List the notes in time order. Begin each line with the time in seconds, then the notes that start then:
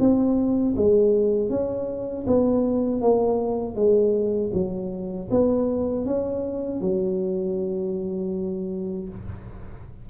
0.00 C4
0.77 G#3
1.50 C#4
2.28 B3
3.02 A#3
3.76 G#3
4.54 F#3
5.31 B3
6.06 C#4
6.81 F#3